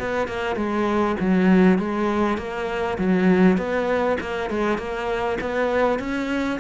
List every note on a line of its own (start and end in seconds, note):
0.00 0.28 B3
0.28 0.56 A#3
0.56 1.16 G#3
1.20 1.79 F#3
1.79 2.38 G#3
2.38 2.98 A#3
2.98 3.58 F#3
3.58 4.18 B3
4.21 4.50 A#3
4.50 4.78 G#3
4.78 5.38 A#3
5.41 5.99 B3
5.99 6.59 C#4